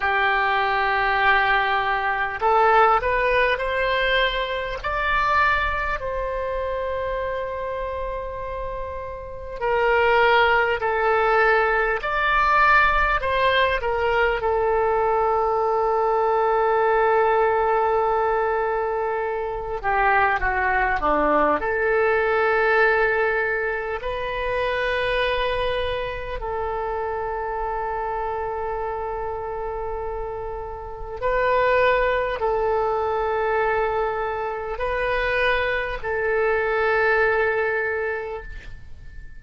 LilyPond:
\new Staff \with { instrumentName = "oboe" } { \time 4/4 \tempo 4 = 50 g'2 a'8 b'8 c''4 | d''4 c''2. | ais'4 a'4 d''4 c''8 ais'8 | a'1~ |
a'8 g'8 fis'8 d'8 a'2 | b'2 a'2~ | a'2 b'4 a'4~ | a'4 b'4 a'2 | }